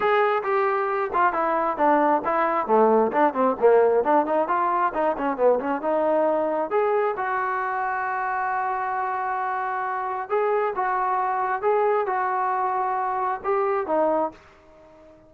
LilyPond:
\new Staff \with { instrumentName = "trombone" } { \time 4/4 \tempo 4 = 134 gis'4 g'4. f'8 e'4 | d'4 e'4 a4 d'8 c'8 | ais4 d'8 dis'8 f'4 dis'8 cis'8 | b8 cis'8 dis'2 gis'4 |
fis'1~ | fis'2. gis'4 | fis'2 gis'4 fis'4~ | fis'2 g'4 dis'4 | }